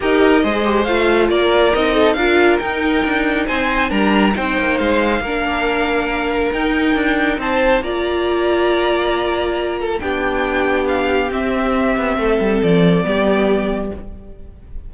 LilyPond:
<<
  \new Staff \with { instrumentName = "violin" } { \time 4/4 \tempo 4 = 138 dis''2 f''4 d''4 | dis''4 f''4 g''2 | gis''4 ais''4 g''4 f''4~ | f''2. g''4~ |
g''4 a''4 ais''2~ | ais''2. g''4~ | g''4 f''4 e''2~ | e''4 d''2. | }
  \new Staff \with { instrumentName = "violin" } { \time 4/4 ais'4 c''2 ais'4~ | ais'8 a'8 ais'2. | c''4 ais'4 c''2 | ais'1~ |
ais'4 c''4 d''2~ | d''2~ d''8 a'8 g'4~ | g'1 | a'2 g'2 | }
  \new Staff \with { instrumentName = "viola" } { \time 4/4 g'4 gis'8 g'8 f'2 | dis'4 f'4 dis'2~ | dis'4 d'4 dis'2 | d'2. dis'4~ |
dis'2 f'2~ | f'2. d'4~ | d'2 c'2~ | c'2 b2 | }
  \new Staff \with { instrumentName = "cello" } { \time 4/4 dis'4 gis4 a4 ais4 | c'4 d'4 dis'4 d'4 | c'4 g4 c'8 ais8 gis4 | ais2. dis'4 |
d'4 c'4 ais2~ | ais2. b4~ | b2 c'4. b8 | a8 g8 f4 g2 | }
>>